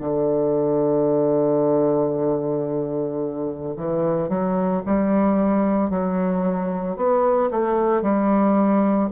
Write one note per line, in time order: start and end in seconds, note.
0.00 3.75 D3
3.76 4.29 E3
4.29 4.82 F#3
4.85 5.89 G3
5.89 6.96 F#3
6.96 7.50 B3
7.50 8.02 A3
8.02 9.09 G3